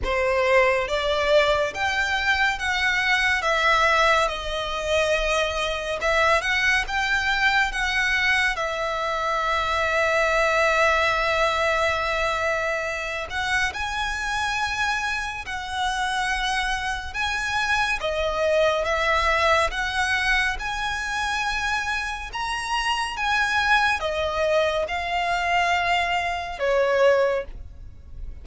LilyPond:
\new Staff \with { instrumentName = "violin" } { \time 4/4 \tempo 4 = 70 c''4 d''4 g''4 fis''4 | e''4 dis''2 e''8 fis''8 | g''4 fis''4 e''2~ | e''2.~ e''8 fis''8 |
gis''2 fis''2 | gis''4 dis''4 e''4 fis''4 | gis''2 ais''4 gis''4 | dis''4 f''2 cis''4 | }